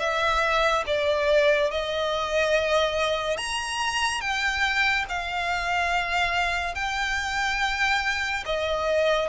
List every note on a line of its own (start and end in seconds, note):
0.00 0.85 E5
0.87 1.71 D5
1.71 3.38 D#5
3.38 4.21 A#5
4.21 5.06 G5
5.09 6.75 F5
6.75 8.44 G5
8.46 9.29 D#5